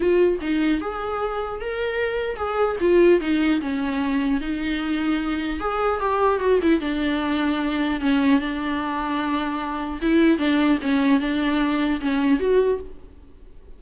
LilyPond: \new Staff \with { instrumentName = "viola" } { \time 4/4 \tempo 4 = 150 f'4 dis'4 gis'2 | ais'2 gis'4 f'4 | dis'4 cis'2 dis'4~ | dis'2 gis'4 g'4 |
fis'8 e'8 d'2. | cis'4 d'2.~ | d'4 e'4 d'4 cis'4 | d'2 cis'4 fis'4 | }